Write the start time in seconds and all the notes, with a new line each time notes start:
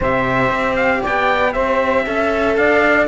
0.00 C3 G4 C5 E5
0.50 C4
0.76 F5
1.01 D5 G5
1.07 B3
1.52 C4 C5 E5
2.06 C#4 A4 E5
2.56 D4 D5 F5